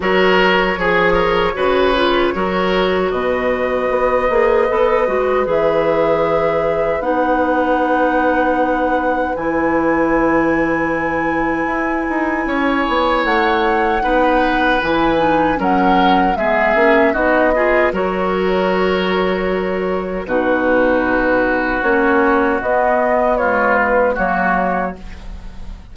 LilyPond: <<
  \new Staff \with { instrumentName = "flute" } { \time 4/4 \tempo 4 = 77 cis''1 | dis''2. e''4~ | e''4 fis''2. | gis''1~ |
gis''4 fis''2 gis''4 | fis''4 e''4 dis''4 cis''4~ | cis''2 b'2 | cis''4 dis''4 cis''8 b'8 cis''4 | }
  \new Staff \with { instrumentName = "oboe" } { \time 4/4 ais'4 gis'8 ais'8 b'4 ais'4 | b'1~ | b'1~ | b'1 |
cis''2 b'2 | ais'4 gis'4 fis'8 gis'8 ais'4~ | ais'2 fis'2~ | fis'2 f'4 fis'4 | }
  \new Staff \with { instrumentName = "clarinet" } { \time 4/4 fis'4 gis'4 fis'8 f'8 fis'4~ | fis'4. gis'8 a'8 fis'8 gis'4~ | gis'4 dis'2. | e'1~ |
e'2 dis'4 e'8 dis'8 | cis'4 b8 cis'8 dis'8 f'8 fis'4~ | fis'2 dis'2 | cis'4 b4 gis4 ais4 | }
  \new Staff \with { instrumentName = "bassoon" } { \time 4/4 fis4 f4 cis4 fis4 | b,4 b8 ais8 b8 gis8 e4~ | e4 b2. | e2. e'8 dis'8 |
cis'8 b8 a4 b4 e4 | fis4 gis8 ais8 b4 fis4~ | fis2 b,2 | ais4 b2 fis4 | }
>>